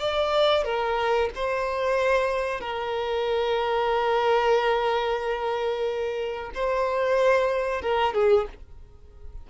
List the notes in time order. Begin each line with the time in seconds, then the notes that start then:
0.00 D5
0.65 A#4
1.35 C5
2.61 A#4
6.55 C5
7.82 A#4
8.14 G#4